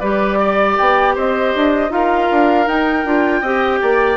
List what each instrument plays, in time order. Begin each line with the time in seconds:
0.00 bassoon G3, clarinet G4, oboe B4, flute D5
0.40 oboe D5
0.78 bassoon B3, flute G5
1.15 bassoon C4, oboe C5, flute D#5
1.55 bassoon D4
1.90 bassoon D#4, clarinet F4, oboe A#4, flute F5
2.31 bassoon D4
2.67 bassoon D#4, clarinet D#4, flute G5
3.05 bassoon D4, clarinet F4
3.41 bassoon C4, clarinet G4, oboe D#5
3.82 bassoon A#3, oboe D5